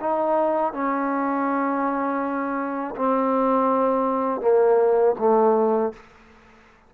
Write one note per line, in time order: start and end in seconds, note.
0.00 0.73 D#4
0.73 2.95 C#4
2.96 4.41 C4
4.41 5.15 A#3
5.19 5.93 A3